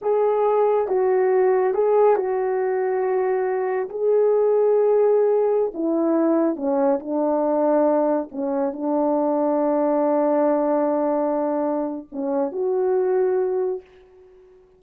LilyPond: \new Staff \with { instrumentName = "horn" } { \time 4/4 \tempo 4 = 139 gis'2 fis'2 | gis'4 fis'2.~ | fis'4 gis'2.~ | gis'4~ gis'16 e'2 cis'8.~ |
cis'16 d'2. cis'8.~ | cis'16 d'2.~ d'8.~ | d'1 | cis'4 fis'2. | }